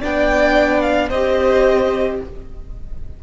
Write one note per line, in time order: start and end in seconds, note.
0.00 1.10 B3
0.00 1.10 D4
0.00 1.08 D5
0.00 0.81 G5
0.81 1.08 F5
1.08 2.20 C4
1.08 2.22 G4
1.08 2.17 C5
1.08 2.19 D#5